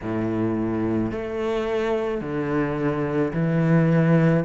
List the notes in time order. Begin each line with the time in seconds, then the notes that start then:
0.02 A2
1.11 A3
2.21 D3
3.33 E3